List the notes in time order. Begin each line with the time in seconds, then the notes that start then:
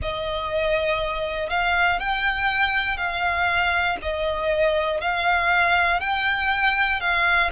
0.02 D#5
1.50 F5
2.00 G5
2.97 F5
4.01 D#5
5.00 F5
6.00 G5
7.00 F5